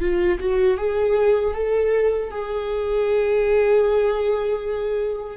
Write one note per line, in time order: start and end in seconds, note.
0.00 0.38 F4
0.39 0.77 F#4
0.77 1.54 G#4
1.54 2.30 A4
2.30 5.37 G#4